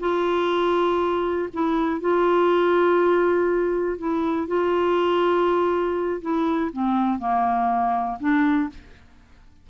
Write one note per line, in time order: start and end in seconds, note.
0.00 1.49 F4
1.54 2.01 E4
2.01 3.98 F4
3.98 4.48 E4
4.48 6.21 F4
6.22 6.71 E4
6.73 7.19 C4
7.19 8.19 A#3
8.20 8.70 D4